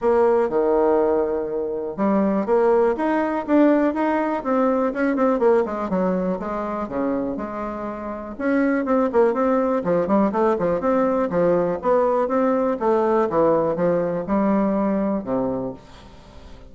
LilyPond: \new Staff \with { instrumentName = "bassoon" } { \time 4/4 \tempo 4 = 122 ais4 dis2. | g4 ais4 dis'4 d'4 | dis'4 c'4 cis'8 c'8 ais8 gis8 | fis4 gis4 cis4 gis4~ |
gis4 cis'4 c'8 ais8 c'4 | f8 g8 a8 f8 c'4 f4 | b4 c'4 a4 e4 | f4 g2 c4 | }